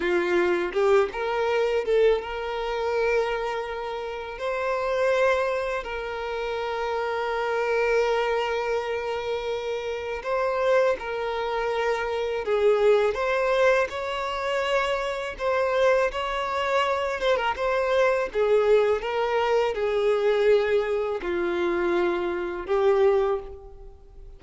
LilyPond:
\new Staff \with { instrumentName = "violin" } { \time 4/4 \tempo 4 = 82 f'4 g'8 ais'4 a'8 ais'4~ | ais'2 c''2 | ais'1~ | ais'2 c''4 ais'4~ |
ais'4 gis'4 c''4 cis''4~ | cis''4 c''4 cis''4. c''16 ais'16 | c''4 gis'4 ais'4 gis'4~ | gis'4 f'2 g'4 | }